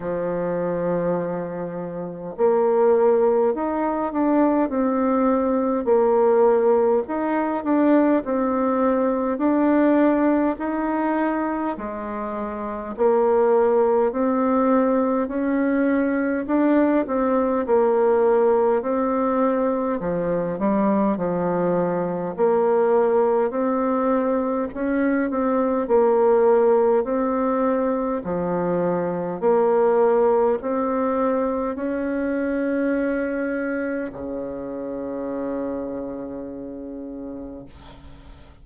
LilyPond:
\new Staff \with { instrumentName = "bassoon" } { \time 4/4 \tempo 4 = 51 f2 ais4 dis'8 d'8 | c'4 ais4 dis'8 d'8 c'4 | d'4 dis'4 gis4 ais4 | c'4 cis'4 d'8 c'8 ais4 |
c'4 f8 g8 f4 ais4 | c'4 cis'8 c'8 ais4 c'4 | f4 ais4 c'4 cis'4~ | cis'4 cis2. | }